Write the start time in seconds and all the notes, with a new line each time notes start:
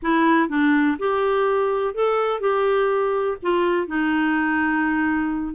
0.02 E4
0.48 D4
0.98 G4
1.94 A4
2.40 G4
3.42 F4
3.87 D#4